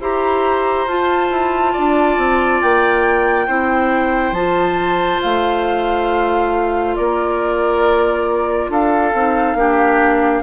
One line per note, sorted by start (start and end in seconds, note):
0.00 0.86 E4
0.00 0.87 G4
0.00 1.72 C5
0.00 0.88 A#5
0.86 1.30 F4
0.86 3.47 F4
0.86 2.61 A5
1.30 1.73 E4
1.72 2.17 D4
1.72 3.46 D5
2.17 2.61 C4
2.61 3.47 A#3
2.61 4.33 G5
3.47 4.32 C4
3.47 4.34 E4
3.47 6.94 C5
4.32 5.18 F3
4.32 9.13 F4
4.32 5.20 A5
5.22 6.97 A3
5.22 6.96 F5
6.96 8.69 A#3
6.96 8.70 A#4
6.96 8.70 D5
8.69 9.12 D4
8.69 9.57 A4
8.69 10.43 F5
9.13 9.55 C4
9.13 9.57 D#4
9.55 10.41 A#3
9.55 10.43 D4
9.55 10.43 G4